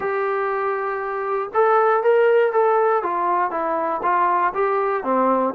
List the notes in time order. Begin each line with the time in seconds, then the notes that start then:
0.00 G4
1.54 A4
2.03 A#4
2.52 A4
3.03 F4
3.50 E4
4.02 F4
4.54 G4
5.03 C4